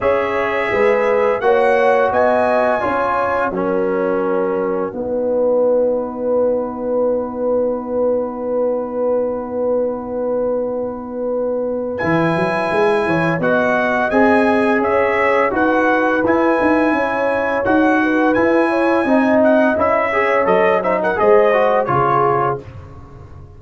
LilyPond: <<
  \new Staff \with { instrumentName = "trumpet" } { \time 4/4 \tempo 4 = 85 e''2 fis''4 gis''4~ | gis''4 fis''2.~ | fis''1~ | fis''1~ |
fis''4 gis''2 fis''4 | gis''4 e''4 fis''4 gis''4~ | gis''4 fis''4 gis''4. fis''8 | e''4 dis''8 e''16 fis''16 dis''4 cis''4 | }
  \new Staff \with { instrumentName = "horn" } { \time 4/4 cis''4 b'4 cis''4 dis''4 | cis''4 ais'2 b'4~ | b'1~ | b'1~ |
b'2~ b'8 cis''8 dis''4~ | dis''4 cis''4 b'2 | cis''4. b'4 cis''8 dis''4~ | dis''8 cis''4 c''16 ais'16 c''4 gis'4 | }
  \new Staff \with { instrumentName = "trombone" } { \time 4/4 gis'2 fis'2 | f'4 cis'2 dis'4~ | dis'1~ | dis'1~ |
dis'4 e'2 fis'4 | gis'2 fis'4 e'4~ | e'4 fis'4 e'4 dis'4 | e'8 gis'8 a'8 dis'8 gis'8 fis'8 f'4 | }
  \new Staff \with { instrumentName = "tuba" } { \time 4/4 cis'4 gis4 ais4 b4 | cis'4 fis2 b4~ | b1~ | b1~ |
b4 e8 fis8 gis8 e8 b4 | c'4 cis'4 dis'4 e'8 dis'8 | cis'4 dis'4 e'4 c'4 | cis'4 fis4 gis4 cis4 | }
>>